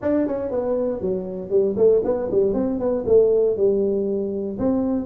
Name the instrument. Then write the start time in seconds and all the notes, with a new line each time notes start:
tuba
0.02 D4
0.27 C#4
0.51 B3
1.01 F#3
1.50 G3
1.76 A3
2.04 B3
2.31 G3
2.53 C4
2.79 B3
3.06 A3
3.56 G3
4.59 C4